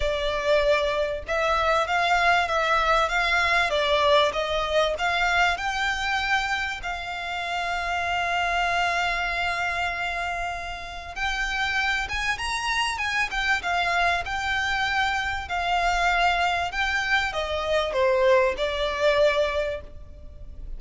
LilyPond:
\new Staff \with { instrumentName = "violin" } { \time 4/4 \tempo 4 = 97 d''2 e''4 f''4 | e''4 f''4 d''4 dis''4 | f''4 g''2 f''4~ | f''1~ |
f''2 g''4. gis''8 | ais''4 gis''8 g''8 f''4 g''4~ | g''4 f''2 g''4 | dis''4 c''4 d''2 | }